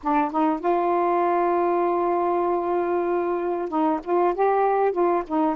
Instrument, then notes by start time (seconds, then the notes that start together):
saxophone
0.03 D4
0.31 D#4
0.59 F4
3.69 D#4
4.03 F4
4.34 G4
4.92 F4
5.27 D#4